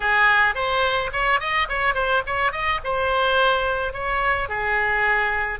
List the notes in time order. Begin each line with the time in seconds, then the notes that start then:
0.00 G#4
0.54 C5
1.12 C#5
1.40 D#5
1.68 C#5
1.94 C5
2.26 C#5
2.51 D#5
2.83 C5
3.93 C#5
4.48 G#4